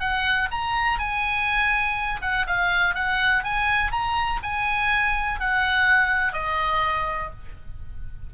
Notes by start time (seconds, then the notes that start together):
0.00 F#5
0.51 A#5
0.99 G#5
2.22 F#5
2.47 F5
2.95 F#5
3.43 G#5
3.92 A#5
4.43 G#5
5.40 F#5
6.33 D#5